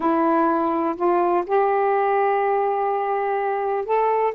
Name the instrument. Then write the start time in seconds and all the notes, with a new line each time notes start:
saxophone
0.00 E4
0.96 F4
1.46 G4
3.85 A4